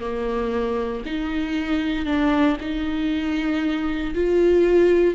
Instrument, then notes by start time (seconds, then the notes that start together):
viola
0.00 A#3
1.06 D#4
2.06 D4
2.60 D#4
4.14 F4